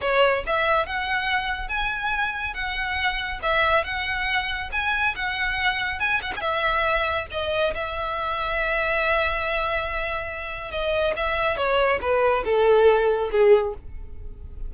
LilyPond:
\new Staff \with { instrumentName = "violin" } { \time 4/4 \tempo 4 = 140 cis''4 e''4 fis''2 | gis''2 fis''2 | e''4 fis''2 gis''4 | fis''2 gis''8 fis''16 gis''16 e''4~ |
e''4 dis''4 e''2~ | e''1~ | e''4 dis''4 e''4 cis''4 | b'4 a'2 gis'4 | }